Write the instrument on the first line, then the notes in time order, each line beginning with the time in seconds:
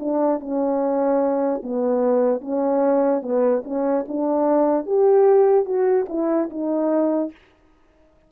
horn
0.00 D4
0.40 C#4
1.63 B3
2.41 C#4
3.22 B3
3.65 C#4
4.08 D4
4.86 G4
5.66 F#4
6.09 E4
6.50 D#4